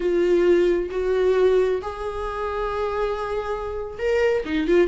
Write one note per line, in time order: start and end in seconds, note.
0.00 0.89 F4
0.90 1.81 F#4
1.82 3.98 G#4
3.98 4.43 A#4
4.45 4.67 D#4
4.67 4.87 F4